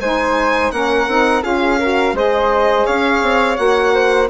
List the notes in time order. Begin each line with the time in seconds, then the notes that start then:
0.00 G#3 D#4 C5 G#5
0.72 A#3 C#4 A#4 F#5
1.08 C4 D#4
1.42 C#4 F4 G#4 F5
1.79 F#4 A#4
2.14 G#3 G#4 C5 D#5
2.86 C#4 C#5 F5
3.22 C4
3.56 A#3 F#4 F#5
3.94 C5